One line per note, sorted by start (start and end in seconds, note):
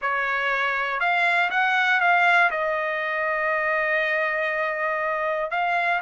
0.01 1.00 C#5
1.00 1.50 F5
1.50 2.00 F#5
2.00 2.50 F5
2.50 5.50 D#5
5.50 6.00 F5